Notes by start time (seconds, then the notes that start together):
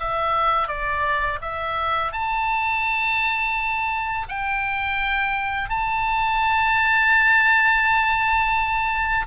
0.00 E5
0.68 D5
1.42 E5
2.12 A5
4.29 G5
5.69 A5